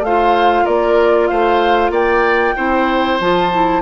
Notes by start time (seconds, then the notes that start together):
0.00 A3 C5 F5
0.06 F4
0.64 A#3 A#4 D5
1.28 A3 C5 F5
1.90 A#3 D5 G5
2.56 C4 E4 C5
3.20 F3 F4 A5
3.53 E4